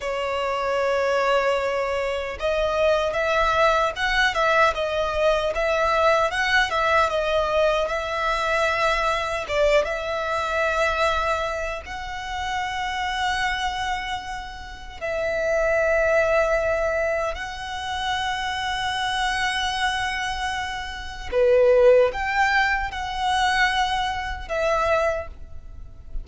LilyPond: \new Staff \with { instrumentName = "violin" } { \time 4/4 \tempo 4 = 76 cis''2. dis''4 | e''4 fis''8 e''8 dis''4 e''4 | fis''8 e''8 dis''4 e''2 | d''8 e''2~ e''8 fis''4~ |
fis''2. e''4~ | e''2 fis''2~ | fis''2. b'4 | g''4 fis''2 e''4 | }